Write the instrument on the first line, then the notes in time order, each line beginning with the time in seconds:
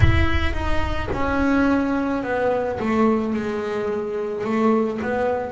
double bass
0.00 E4
0.53 D#4
1.12 C#4
2.23 B3
2.79 A3
3.33 G#3
4.44 A3
5.02 B3